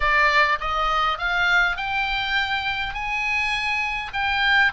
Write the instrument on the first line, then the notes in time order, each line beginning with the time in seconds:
oboe
0.00 D5
0.60 D#5
1.18 F5
1.76 G5
2.94 G#5
4.13 G5